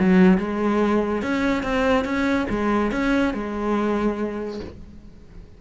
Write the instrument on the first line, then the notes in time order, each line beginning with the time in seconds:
cello
0.00 F#3
0.38 G#3
1.23 C#4
1.64 C4
2.05 C#4
2.50 G#3
2.92 C#4
3.34 G#3